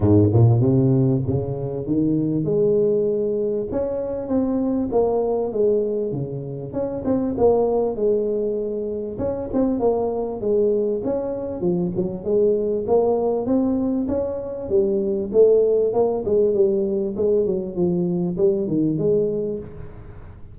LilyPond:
\new Staff \with { instrumentName = "tuba" } { \time 4/4 \tempo 4 = 98 gis,8 ais,8 c4 cis4 dis4 | gis2 cis'4 c'4 | ais4 gis4 cis4 cis'8 c'8 | ais4 gis2 cis'8 c'8 |
ais4 gis4 cis'4 f8 fis8 | gis4 ais4 c'4 cis'4 | g4 a4 ais8 gis8 g4 | gis8 fis8 f4 g8 dis8 gis4 | }